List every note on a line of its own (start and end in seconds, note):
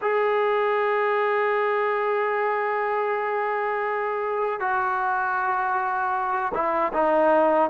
0.01 4.60 G#4
4.60 6.52 F#4
6.54 6.92 E4
6.93 7.70 D#4